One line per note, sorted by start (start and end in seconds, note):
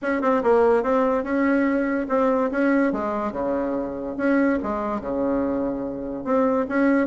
0.02 0.21 C#4
0.21 0.42 C4
0.43 0.83 A#3
0.83 1.23 C4
1.23 2.06 C#4
2.08 2.50 C4
2.51 2.92 C#4
2.92 3.32 G#3
3.32 4.15 C#3
4.17 4.59 C#4
4.62 5.01 G#3
5.01 6.24 C#3
6.24 6.66 C4
6.68 7.07 C#4